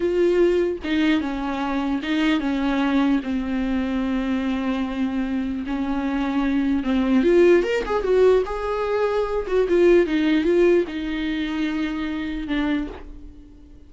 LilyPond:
\new Staff \with { instrumentName = "viola" } { \time 4/4 \tempo 4 = 149 f'2 dis'4 cis'4~ | cis'4 dis'4 cis'2 | c'1~ | c'2 cis'2~ |
cis'4 c'4 f'4 ais'8 gis'8 | fis'4 gis'2~ gis'8 fis'8 | f'4 dis'4 f'4 dis'4~ | dis'2. d'4 | }